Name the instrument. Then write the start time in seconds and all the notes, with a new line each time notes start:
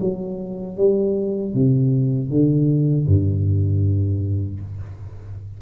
tuba
0.00 F#3
0.77 G3
1.54 C3
2.30 D3
3.06 G2